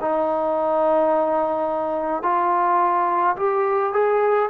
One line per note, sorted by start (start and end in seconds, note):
0.00 2.22 D#4
2.22 3.36 F4
3.36 3.93 G4
3.93 4.49 G#4